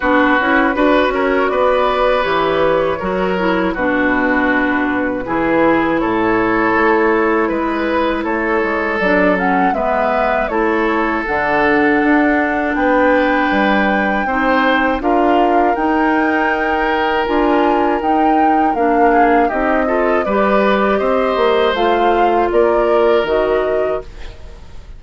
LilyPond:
<<
  \new Staff \with { instrumentName = "flute" } { \time 4/4 \tempo 4 = 80 b'4. cis''8 d''4 cis''4~ | cis''4 b'2. | cis''2 b'4 cis''4 | d''8 fis''8 e''4 cis''4 fis''4~ |
fis''4 g''2. | f''4 g''2 gis''4 | g''4 f''4 dis''4 d''4 | dis''4 f''4 d''4 dis''4 | }
  \new Staff \with { instrumentName = "oboe" } { \time 4/4 fis'4 b'8 ais'8 b'2 | ais'4 fis'2 gis'4 | a'2 b'4 a'4~ | a'4 b'4 a'2~ |
a'4 b'2 c''4 | ais'1~ | ais'4. gis'8 g'8 a'8 b'4 | c''2 ais'2 | }
  \new Staff \with { instrumentName = "clarinet" } { \time 4/4 d'8 e'8 fis'2 g'4 | fis'8 e'8 d'2 e'4~ | e'1 | d'8 cis'8 b4 e'4 d'4~ |
d'2. dis'4 | f'4 dis'2 f'4 | dis'4 d'4 dis'8 f'8 g'4~ | g'4 f'2 fis'4 | }
  \new Staff \with { instrumentName = "bassoon" } { \time 4/4 b8 cis'8 d'8 cis'8 b4 e4 | fis4 b,2 e4 | a,4 a4 gis4 a8 gis8 | fis4 gis4 a4 d4 |
d'4 b4 g4 c'4 | d'4 dis'2 d'4 | dis'4 ais4 c'4 g4 | c'8 ais8 a4 ais4 dis4 | }
>>